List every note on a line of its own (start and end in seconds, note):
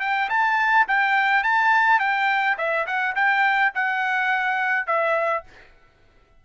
0.00 0.29 G5
0.29 0.86 A5
0.88 1.43 G5
1.43 1.99 A5
1.99 2.56 G5
2.57 2.86 E5
2.86 3.15 F#5
3.15 3.72 G5
3.74 4.86 F#5
4.86 5.43 E5